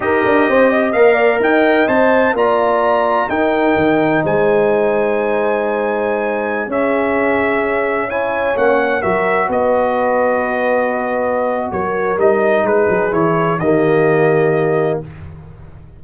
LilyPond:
<<
  \new Staff \with { instrumentName = "trumpet" } { \time 4/4 \tempo 4 = 128 dis''2 f''4 g''4 | a''4 ais''2 g''4~ | g''4 gis''2.~ | gis''2~ gis''16 e''4.~ e''16~ |
e''4~ e''16 gis''4 fis''4 e''8.~ | e''16 dis''2.~ dis''8.~ | dis''4 cis''4 dis''4 b'4 | cis''4 dis''2. | }
  \new Staff \with { instrumentName = "horn" } { \time 4/4 ais'4 c''8 dis''4 d''8 dis''4~ | dis''4 d''2 ais'4~ | ais'4 c''2.~ | c''2~ c''16 gis'4.~ gis'16~ |
gis'4~ gis'16 cis''2 ais'8.~ | ais'16 b'2.~ b'8.~ | b'4 ais'2 gis'4~ | gis'4 g'2. | }
  \new Staff \with { instrumentName = "trombone" } { \time 4/4 g'2 ais'2 | c''4 f'2 dis'4~ | dis'1~ | dis'2~ dis'16 cis'4.~ cis'16~ |
cis'4~ cis'16 e'4 cis'4 fis'8.~ | fis'1~ | fis'2 dis'2 | e'4 ais2. | }
  \new Staff \with { instrumentName = "tuba" } { \time 4/4 dis'8 d'8 c'4 ais4 dis'4 | c'4 ais2 dis'4 | dis4 gis2.~ | gis2~ gis16 cis'4.~ cis'16~ |
cis'2~ cis'16 ais4 fis8.~ | fis16 b2.~ b8.~ | b4 fis4 g4 gis8 fis8 | e4 dis2. | }
>>